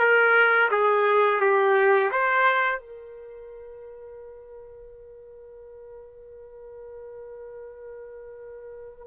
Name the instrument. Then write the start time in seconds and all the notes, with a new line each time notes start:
trumpet
0.00 A#4
0.72 G#4
1.41 G4
2.12 C5
2.80 A#4